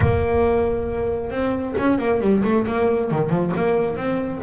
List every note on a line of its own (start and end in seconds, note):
0.00 1.30 A#3
1.30 1.74 C4
1.78 1.98 C#4
1.98 2.20 A#3
2.21 2.43 G3
2.44 2.66 A3
2.67 3.10 A#3
3.10 3.29 D#3
3.29 3.51 F3
3.56 3.96 A#3
3.96 4.40 C4